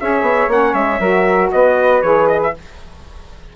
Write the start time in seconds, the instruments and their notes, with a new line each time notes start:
0.00 bassoon C#4, saxophone G#4, flute C#5, trumpet E5
0.22 bassoon B3
0.48 bassoon A#3, saxophone C#4, trumpet F#5
0.74 bassoon G#3, trumpet E5
0.99 bassoon F#3, saxophone F#4, flute A#4
1.52 bassoon B3, flute B4, trumpet D#5
2.02 bassoon E3, saxophone G#4, trumpet C#5
2.28 trumpet D#5
2.43 trumpet E5